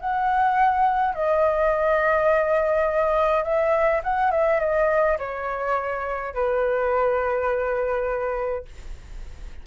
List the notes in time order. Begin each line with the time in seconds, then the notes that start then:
0.00 F#5
1.15 D#5
3.44 E5
4.04 F#5
4.31 E5
4.60 D#5
5.19 C#5
6.34 B4